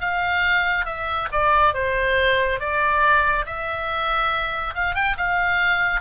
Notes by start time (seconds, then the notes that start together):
0.00 F5
0.85 E5
1.32 D5
1.74 C5
2.59 D5
3.46 E5
4.75 F5
4.94 G5
5.17 F5